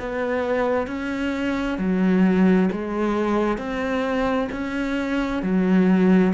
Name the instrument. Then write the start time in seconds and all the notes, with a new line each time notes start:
cello
0.00 B3
0.88 C#4
1.79 F#3
2.72 G#3
3.58 C4
4.52 C#4
5.43 F#3